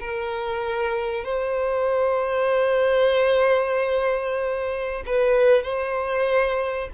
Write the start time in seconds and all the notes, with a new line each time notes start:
0.00 A#4
1.25 C5
5.06 B4
5.63 C5